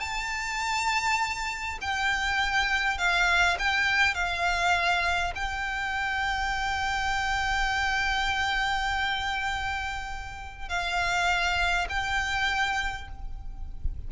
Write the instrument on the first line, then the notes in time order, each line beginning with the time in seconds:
violin
0.00 A5
1.81 G5
2.98 F5
3.59 G5
4.14 F5
5.35 G5
10.68 F5
11.89 G5